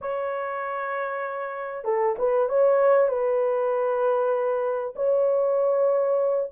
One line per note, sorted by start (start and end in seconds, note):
0.01 1.84 C#5
1.84 2.15 A4
2.18 2.48 B4
2.48 3.08 C#5
3.08 4.94 B4
4.95 6.50 C#5